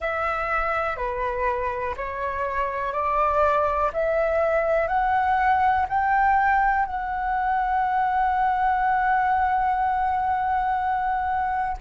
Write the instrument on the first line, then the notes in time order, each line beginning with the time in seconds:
flute
0.00 E5
0.96 B4
1.97 C#5
2.92 D5
3.93 E5
4.87 F#5
5.88 G5
6.85 F#5